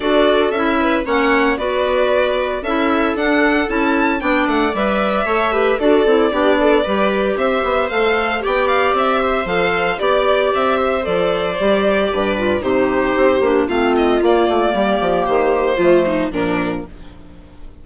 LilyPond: <<
  \new Staff \with { instrumentName = "violin" } { \time 4/4 \tempo 4 = 114 d''4 e''4 fis''4 d''4~ | d''4 e''4 fis''4 a''4 | g''8 fis''8 e''2 d''4~ | d''2 e''4 f''4 |
g''8 f''8 e''4 f''4 d''4 | e''4 d''2. | c''2 f''8 dis''8 d''4~ | d''4 c''2 ais'4 | }
  \new Staff \with { instrumentName = "viola" } { \time 4/4 a'4. b'8 cis''4 b'4~ | b'4 a'2. | d''2 cis''8 b'8 a'4 | g'8 a'8 b'4 c''2 |
d''4. c''4. d''4~ | d''8 c''2~ c''8 b'4 | g'2 f'2 | g'2 f'8 dis'8 d'4 | }
  \new Staff \with { instrumentName = "clarinet" } { \time 4/4 fis'4 e'4 cis'4 fis'4~ | fis'4 e'4 d'4 e'4 | d'4 b'4 a'8 g'8 fis'8 e'8 | d'4 g'2 a'4 |
g'2 a'4 g'4~ | g'4 a'4 g'4. f'8 | dis'4. d'8 c'4 ais4~ | ais2 a4 f4 | }
  \new Staff \with { instrumentName = "bassoon" } { \time 4/4 d'4 cis'4 ais4 b4~ | b4 cis'4 d'4 cis'4 | b8 a8 g4 a4 d'8 c'8 | b4 g4 c'8 b8 a4 |
b4 c'4 f4 b4 | c'4 f4 g4 g,4 | c4 c'8 ais8 a4 ais8 a8 | g8 f8 dis4 f4 ais,4 | }
>>